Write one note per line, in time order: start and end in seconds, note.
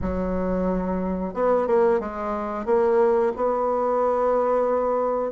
0.02 1.34 F#3
1.34 1.67 B3
1.67 2.00 A#3
2.00 2.65 G#3
2.65 3.32 A#3
3.36 5.31 B3